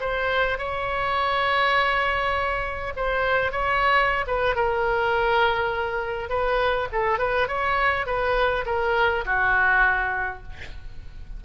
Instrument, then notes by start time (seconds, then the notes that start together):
oboe
0.00 C5
0.58 C#5
2.96 C5
3.52 C#5
4.27 B4
4.55 A#4
6.29 B4
6.92 A4
7.18 B4
7.48 C#5
8.06 B4
8.66 A#4
9.25 F#4